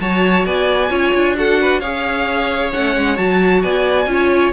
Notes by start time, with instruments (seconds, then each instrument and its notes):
0.00 cello F#3, viola F#4, violin C#5 A5
0.45 cello B3, violin D5 G#5
0.90 cello C#4, viola F4, violin C#5
1.14 cello D4
1.35 viola F#4, violin A4 F#5
1.60 violin B4
1.80 cello C#4, viola G#4, violin C#5 F5
2.72 cello A3, viola C#4, violin F#5
2.96 cello G#3
3.16 cello F#3, viola F#4, violin A5
3.62 cello B3, violin D5 G#5
4.06 cello C#4, viola F4
4.12 violin C#5